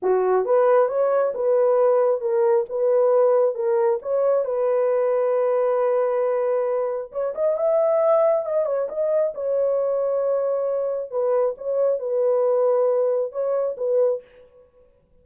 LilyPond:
\new Staff \with { instrumentName = "horn" } { \time 4/4 \tempo 4 = 135 fis'4 b'4 cis''4 b'4~ | b'4 ais'4 b'2 | ais'4 cis''4 b'2~ | b'1 |
cis''8 dis''8 e''2 dis''8 cis''8 | dis''4 cis''2.~ | cis''4 b'4 cis''4 b'4~ | b'2 cis''4 b'4 | }